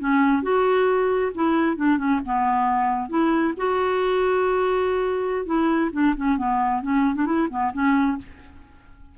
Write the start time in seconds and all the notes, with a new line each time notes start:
0.00 C#4
0.43 F#4
1.35 E4
1.77 D4
1.98 C#4
2.26 B3
3.10 E4
3.57 F#4
5.46 E4
5.93 D4
6.17 C#4
6.38 B3
6.83 C#4
7.16 D4
7.26 E4
7.50 B3
7.74 C#4